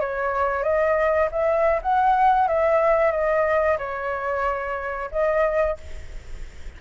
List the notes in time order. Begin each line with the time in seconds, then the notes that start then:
0.00 C#5
0.63 D#5
1.31 E5
1.82 F#5
2.47 E5
3.11 D#5
3.78 C#5
5.11 D#5